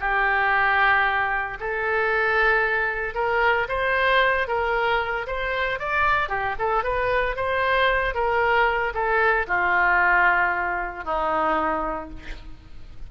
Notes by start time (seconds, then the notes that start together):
0.00 G4
1.60 A4
3.14 A#4
3.68 C5
4.47 A#4
5.27 C5
5.79 D5
6.29 G4
6.59 A4
6.83 B4
7.36 C5
8.14 A#4
8.94 A4
9.47 F4
11.04 D#4